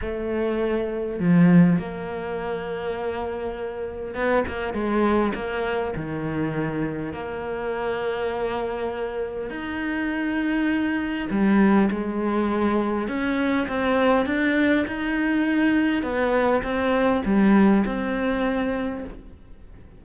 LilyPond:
\new Staff \with { instrumentName = "cello" } { \time 4/4 \tempo 4 = 101 a2 f4 ais4~ | ais2. b8 ais8 | gis4 ais4 dis2 | ais1 |
dis'2. g4 | gis2 cis'4 c'4 | d'4 dis'2 b4 | c'4 g4 c'2 | }